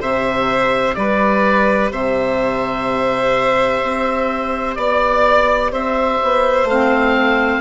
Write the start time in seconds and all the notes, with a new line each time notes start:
0.00 C3 G4 C5 E5
0.94 G3 B4 D5
1.91 C3 C5 E5
3.83 C4
4.75 B3 D5
5.71 C4 C5 E5
6.22 B3
6.64 A3 C4 F5